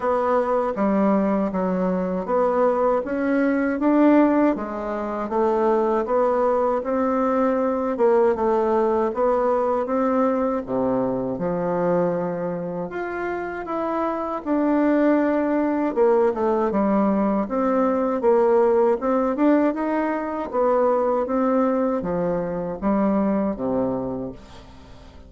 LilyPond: \new Staff \with { instrumentName = "bassoon" } { \time 4/4 \tempo 4 = 79 b4 g4 fis4 b4 | cis'4 d'4 gis4 a4 | b4 c'4. ais8 a4 | b4 c'4 c4 f4~ |
f4 f'4 e'4 d'4~ | d'4 ais8 a8 g4 c'4 | ais4 c'8 d'8 dis'4 b4 | c'4 f4 g4 c4 | }